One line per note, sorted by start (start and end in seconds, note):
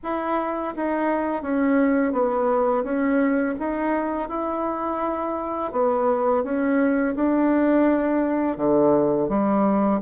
0.03 0.74 E4
0.76 1.42 D#4
1.42 2.12 C#4
2.12 2.83 B3
2.83 3.55 C#4
3.59 4.29 D#4
4.29 5.71 E4
5.72 6.43 B3
6.43 7.15 C#4
7.15 8.57 D4
8.57 9.29 D3
9.29 10.00 G3